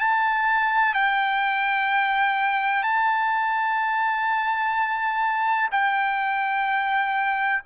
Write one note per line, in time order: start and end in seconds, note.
0.00 0.94 A5
0.94 2.84 G5
2.84 5.69 A5
5.71 7.62 G5